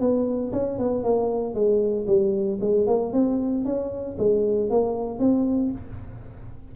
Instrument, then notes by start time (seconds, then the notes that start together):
tuba
0.00 B3
0.52 C#4
0.79 B3
1.04 A#3
1.55 G#3
2.07 G3
2.61 G#3
2.87 A#3
3.13 C4
3.65 C#4
4.19 G#3
4.70 A#3
5.19 C4